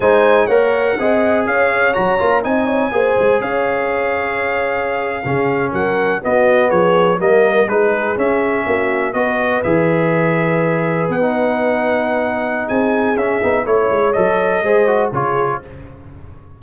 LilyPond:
<<
  \new Staff \with { instrumentName = "trumpet" } { \time 4/4 \tempo 4 = 123 gis''4 fis''2 f''4 | ais''4 gis''2 f''4~ | f''2.~ f''8. fis''16~ | fis''8. dis''4 cis''4 dis''4 b'16~ |
b'8. e''2 dis''4 e''16~ | e''2~ e''8. fis''4~ fis''16~ | fis''2 gis''4 e''4 | cis''4 dis''2 cis''4 | }
  \new Staff \with { instrumentName = "horn" } { \time 4/4 c''4 cis''4 dis''4 cis''4~ | cis''4 dis''8 cis''8 c''4 cis''4~ | cis''2~ cis''8. gis'4 ais'16~ | ais'8. fis'4 gis'4 ais'4 gis'16~ |
gis'4.~ gis'16 fis'4 b'4~ b'16~ | b'1~ | b'2 gis'2 | cis''2 c''4 gis'4 | }
  \new Staff \with { instrumentName = "trombone" } { \time 4/4 dis'4 ais'4 gis'2 | fis'8 f'8 dis'4 gis'2~ | gis'2~ gis'8. cis'4~ cis'16~ | cis'8. b2 ais4 dis'16~ |
dis'8. cis'2 fis'4 gis'16~ | gis'2. dis'4~ | dis'2. cis'8 dis'8 | e'4 a'4 gis'8 fis'8 f'4 | }
  \new Staff \with { instrumentName = "tuba" } { \time 4/4 gis4 ais4 c'4 cis'4 | fis8 ais8 c'4 ais8 gis8 cis'4~ | cis'2~ cis'8. cis4 fis16~ | fis8. b4 f4 g4 gis16~ |
gis8. cis'4 ais4 b4 e16~ | e2~ e8. b4~ b16~ | b2 c'4 cis'8 b8 | a8 gis8 fis4 gis4 cis4 | }
>>